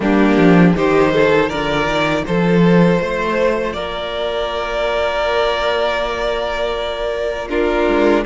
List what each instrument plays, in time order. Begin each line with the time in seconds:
0.00 cello G3, viola A#3, violin D4 G4
0.37 cello F3
0.75 cello D#3, viola D#4, violin G4 C5
1.12 violin A4
1.48 cello D3, viola F4, violin A#4 D5
1.86 cello D#3
2.25 cello F3, violin A4 C5
3.00 cello A3, violin C5
3.73 cello A#3, violin A#4 D5
7.49 viola D4, violin F4 A#4
7.87 cello G#3